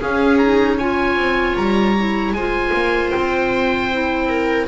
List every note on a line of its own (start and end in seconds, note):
0.00 0.39 C#4
0.00 1.16 C#4
0.00 0.78 G#4
0.00 0.38 F5
0.38 0.80 D#4
0.38 0.77 A#5
0.78 1.97 F4
0.78 2.33 C#5
0.78 1.56 G#5
1.16 1.55 C4
1.56 2.32 G3
1.56 2.33 A#5
1.97 2.36 E4
2.32 2.71 G#3
2.32 3.92 F4
2.32 4.28 C5
2.32 3.10 G#5
2.74 3.13 A#3
3.10 4.67 C4
3.10 4.66 G5
3.92 4.67 E4
4.28 4.67 A#4